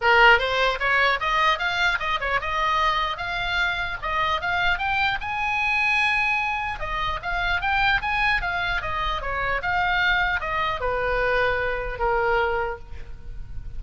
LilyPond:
\new Staff \with { instrumentName = "oboe" } { \time 4/4 \tempo 4 = 150 ais'4 c''4 cis''4 dis''4 | f''4 dis''8 cis''8 dis''2 | f''2 dis''4 f''4 | g''4 gis''2.~ |
gis''4 dis''4 f''4 g''4 | gis''4 f''4 dis''4 cis''4 | f''2 dis''4 b'4~ | b'2 ais'2 | }